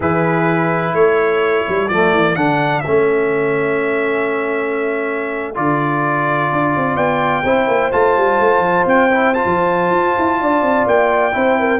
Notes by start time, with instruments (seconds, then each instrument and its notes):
0.00 tuba E3, trombone E4, horn G#4, trumpet B4
0.93 tuba A3, horn A4, trumpet C#5
1.67 tuba G3
1.88 tuba F3, trombone A3, trumpet D5
2.12 tuba E3
2.35 tuba D3, trombone D4, trumpet F#5
2.80 tuba A3, trombone C#4, trumpet E5
5.54 tuba D3, trombone F4, trumpet D5
6.52 tuba D4
6.76 tuba C4
6.94 tuba B3, horn D5, trumpet G5
7.43 tuba C4, trombone E4, horn C5
7.67 tuba A#3
7.92 tuba A3, trombone F4, trumpet A5
8.17 tuba G3
8.39 tuba A3
8.58 tuba F3
8.85 tuba C4, trumpet G5
9.10 trombone E4
9.33 trombone F4, trumpet A5
9.45 tuba F3
9.90 tuba F4
10.18 tuba E4
10.40 tuba D4, horn D5
10.62 tuba C4
10.86 tuba A#3, trumpet G5
11.32 tuba C4, trombone E4, horn C5
11.59 horn A#4